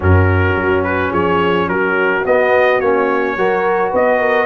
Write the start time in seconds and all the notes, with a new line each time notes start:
0.00 F#2 C#4 F#4 A#4
0.56 F#3
0.83 B4
1.11 F3 G#4 C#5
1.68 F#3 F#4 A#4
2.25 B3 D#5
2.80 A#3 C#4 C#5
3.36 F#3 F#4 A#4
3.90 B3 B4 D#5
4.19 A#4